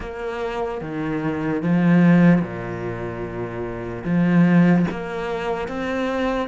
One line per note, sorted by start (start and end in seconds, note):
0.00 0.81 A#3
0.81 1.62 D#3
1.62 2.41 F3
2.41 4.03 A#2
4.04 4.85 F3
4.90 5.68 A#3
5.68 6.48 C4